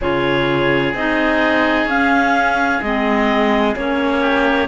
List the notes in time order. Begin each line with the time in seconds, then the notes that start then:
0.01 C#3 F4 G#4 C#5
0.94 C4 D#4 D#5
1.85 C#4 F5
2.81 G#3 C4 D#5
3.76 A#3 C#4 C#5
4.21 G4